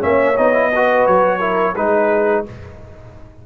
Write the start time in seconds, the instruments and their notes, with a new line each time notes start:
0.00 tuba A#3, trombone C#4, horn C#5, trumpet E5
0.37 tuba B3, trombone D#4, trumpet D#5
0.53 trombone E4
0.75 trombone F#4, horn B4
1.06 tuba F#3, trumpet C#5
1.39 trombone E4, horn A#4
1.76 tuba G#3, trombone D#4, horn G#4, trumpet B4